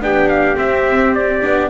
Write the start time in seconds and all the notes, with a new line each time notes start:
0.00 B3 D4 G4 G5
0.29 F5
0.55 C4 E5
1.14 D5
1.42 B3 D4